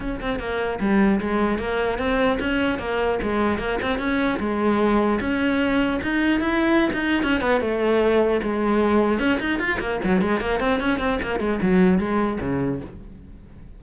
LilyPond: \new Staff \with { instrumentName = "cello" } { \time 4/4 \tempo 4 = 150 cis'8 c'8 ais4 g4 gis4 | ais4 c'4 cis'4 ais4 | gis4 ais8 c'8 cis'4 gis4~ | gis4 cis'2 dis'4 |
e'4~ e'16 dis'8. cis'8 b8 a4~ | a4 gis2 cis'8 dis'8 | f'8 ais8 fis8 gis8 ais8 c'8 cis'8 c'8 | ais8 gis8 fis4 gis4 cis4 | }